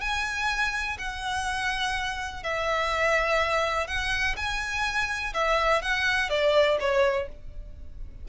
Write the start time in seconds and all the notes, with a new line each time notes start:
0.00 G#5
0.98 F#5
2.43 E5
3.87 F#5
4.36 G#5
5.33 E5
5.82 F#5
6.29 D5
6.80 C#5